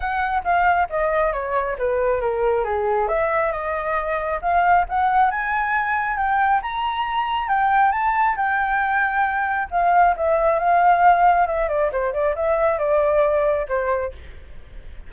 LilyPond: \new Staff \with { instrumentName = "flute" } { \time 4/4 \tempo 4 = 136 fis''4 f''4 dis''4 cis''4 | b'4 ais'4 gis'4 e''4 | dis''2 f''4 fis''4 | gis''2 g''4 ais''4~ |
ais''4 g''4 a''4 g''4~ | g''2 f''4 e''4 | f''2 e''8 d''8 c''8 d''8 | e''4 d''2 c''4 | }